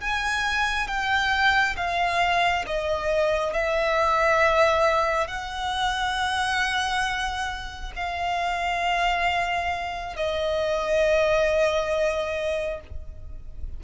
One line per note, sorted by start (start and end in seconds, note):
0.00 0.87 G#5
0.87 1.75 G5
1.76 2.65 F5
2.66 3.53 D#5
3.53 5.27 E5
5.27 7.92 F#5
7.95 10.16 F5
10.16 12.81 D#5